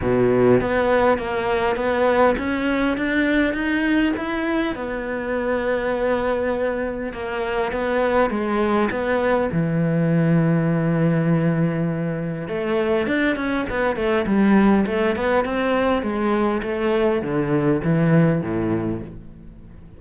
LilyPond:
\new Staff \with { instrumentName = "cello" } { \time 4/4 \tempo 4 = 101 b,4 b4 ais4 b4 | cis'4 d'4 dis'4 e'4 | b1 | ais4 b4 gis4 b4 |
e1~ | e4 a4 d'8 cis'8 b8 a8 | g4 a8 b8 c'4 gis4 | a4 d4 e4 a,4 | }